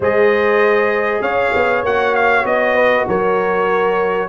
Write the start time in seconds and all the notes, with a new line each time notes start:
0.00 G#3 G#4 C5 D#5
1.20 C#4 C#5 F5
1.55 B3
1.83 A#3 F#4 F#5
2.15 F5
2.45 B3 D#5
2.75 B4
3.07 F#3 A#4 C#5